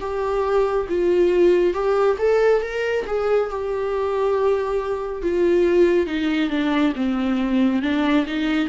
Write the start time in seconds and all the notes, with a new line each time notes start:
0.00 G4
0.89 F4
1.74 G4
2.18 A4
2.62 A#4
3.06 G#4
3.50 G4
5.23 F4
6.07 D#4
6.50 D4
6.96 C4
7.82 D4
8.26 D#4